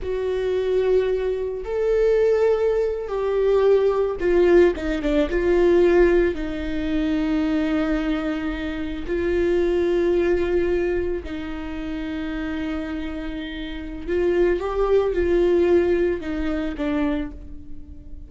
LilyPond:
\new Staff \with { instrumentName = "viola" } { \time 4/4 \tempo 4 = 111 fis'2. a'4~ | a'4.~ a'16 g'2 f'16~ | f'8. dis'8 d'8 f'2 dis'16~ | dis'1~ |
dis'8. f'2.~ f'16~ | f'8. dis'2.~ dis'16~ | dis'2 f'4 g'4 | f'2 dis'4 d'4 | }